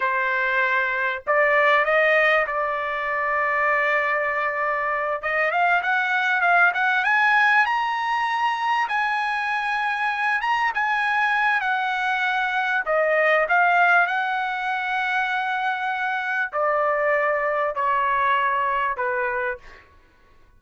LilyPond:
\new Staff \with { instrumentName = "trumpet" } { \time 4/4 \tempo 4 = 98 c''2 d''4 dis''4 | d''1~ | d''8 dis''8 f''8 fis''4 f''8 fis''8 gis''8~ | gis''8 ais''2 gis''4.~ |
gis''4 ais''8 gis''4. fis''4~ | fis''4 dis''4 f''4 fis''4~ | fis''2. d''4~ | d''4 cis''2 b'4 | }